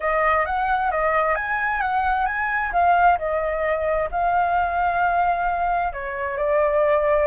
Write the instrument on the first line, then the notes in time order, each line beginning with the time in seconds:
flute
0.00 D#5
0.45 F#5
0.91 D#5
1.35 G#5
1.80 F#5
2.26 G#5
2.72 F5
3.18 D#5
4.11 F5
5.93 C#5
6.37 D5